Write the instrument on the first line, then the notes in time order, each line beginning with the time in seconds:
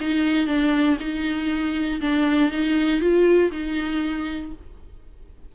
viola
0.00 D#4
0.47 D4
1.00 D#4
2.01 D4
2.51 D#4
3.00 F4
3.51 D#4